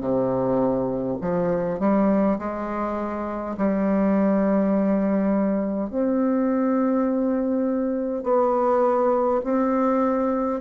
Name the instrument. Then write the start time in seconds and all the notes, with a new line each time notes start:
bassoon
0.00 C3
1.21 F3
1.80 G3
2.39 G#3
3.58 G3
5.90 C4
8.24 B3
9.44 C4